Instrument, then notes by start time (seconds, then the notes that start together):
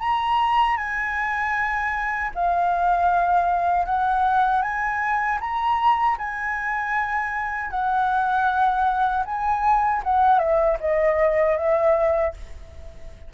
flute
0.00 A#5
0.77 G#5
2.35 F5
3.86 F#5
4.62 G#5
5.41 A#5
6.18 G#5
7.71 F#5
9.26 G#5
10.03 F#5
10.39 E5
10.80 D#5
11.57 E5